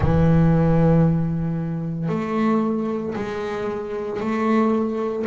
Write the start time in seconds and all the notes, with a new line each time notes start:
0.00 E3
2.08 A3
3.15 G#3
4.20 A3